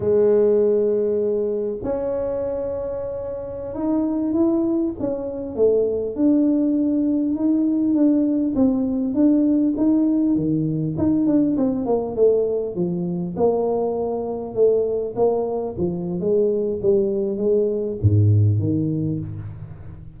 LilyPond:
\new Staff \with { instrumentName = "tuba" } { \time 4/4 \tempo 4 = 100 gis2. cis'4~ | cis'2~ cis'16 dis'4 e'8.~ | e'16 cis'4 a4 d'4.~ d'16~ | d'16 dis'4 d'4 c'4 d'8.~ |
d'16 dis'4 dis4 dis'8 d'8 c'8 ais16~ | ais16 a4 f4 ais4.~ ais16~ | ais16 a4 ais4 f8. gis4 | g4 gis4 gis,4 dis4 | }